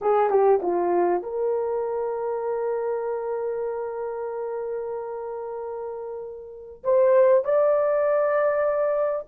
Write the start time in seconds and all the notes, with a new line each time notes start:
0.01 G#4
0.29 G4
0.62 F4
1.22 A#4
6.83 C5
7.44 D5